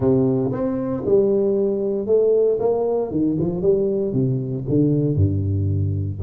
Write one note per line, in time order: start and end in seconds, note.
0.00 0.51 C3
0.51 1.03 C4
1.05 2.06 G3
2.06 2.58 A3
2.59 3.11 A#3
3.11 3.37 D#3
3.39 3.61 F3
3.61 4.12 G3
4.12 4.64 C3
4.69 5.15 D3
5.15 6.19 G2